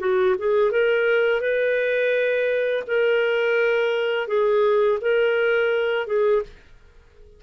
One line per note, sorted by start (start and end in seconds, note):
0.00 0.36 F#4
0.39 0.72 G#4
0.72 1.41 A#4
1.41 2.84 B4
2.88 4.28 A#4
4.28 4.99 G#4
5.02 6.07 A#4
6.07 6.43 G#4